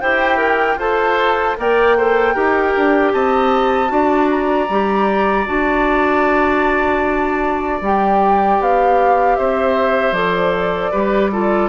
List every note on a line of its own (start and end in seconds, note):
0.00 0.76 E4
0.00 0.79 G4
0.00 0.37 C5
0.00 0.78 G5
0.37 0.76 A#4
0.76 1.54 F4
0.76 1.57 A4
0.76 1.57 C5
0.76 1.57 A5
1.57 2.36 A#3
1.57 1.96 A#4
1.57 1.97 D5
1.57 3.13 G5
1.97 2.35 A4
1.97 2.34 C5
2.34 2.75 D#4
2.34 3.88 G4
2.34 3.12 A#4
2.76 3.14 D4
3.13 3.91 C4
3.13 3.92 D#5
3.13 4.30 A5
3.88 4.69 D4
3.88 4.66 F#4
3.88 9.38 D5
4.30 5.47 A#5
4.69 5.47 G3
4.69 5.46 G4
5.46 7.81 D4
5.46 7.80 F#4
5.46 7.81 A5
7.81 8.59 G3
7.81 10.14 G4
7.81 8.62 G5
8.60 9.37 B3
8.60 9.36 F5
9.36 10.12 C4
9.36 10.91 C5
9.36 10.13 E5
10.12 10.89 F3
10.12 10.92 A4
10.12 11.69 D5
10.91 11.69 G3
10.91 11.32 G4
10.91 11.30 B4
11.32 11.69 F4
11.32 11.69 A4